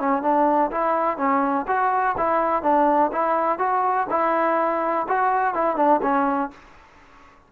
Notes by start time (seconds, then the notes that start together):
0.00 C#4
0.22 D4
0.71 E4
1.18 C#4
1.68 F#4
2.18 E4
2.63 D4
3.13 E4
3.59 F#4
4.10 E4
5.08 F#4
5.54 E4
5.77 D4
6.02 C#4